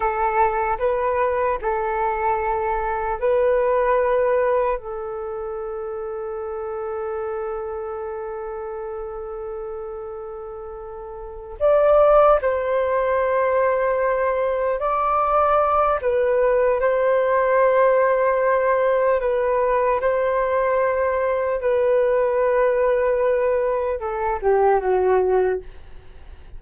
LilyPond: \new Staff \with { instrumentName = "flute" } { \time 4/4 \tempo 4 = 75 a'4 b'4 a'2 | b'2 a'2~ | a'1~ | a'2~ a'8 d''4 c''8~ |
c''2~ c''8 d''4. | b'4 c''2. | b'4 c''2 b'4~ | b'2 a'8 g'8 fis'4 | }